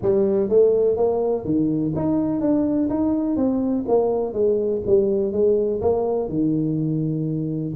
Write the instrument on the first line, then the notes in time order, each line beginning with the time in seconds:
tuba
0.01 G3
0.49 A3
0.96 A#3
1.44 D#3
1.95 D#4
2.41 D4
2.89 D#4
3.36 C4
3.88 A#3
4.33 G#3
4.86 G3
5.32 G#3
5.81 A#3
6.28 D#3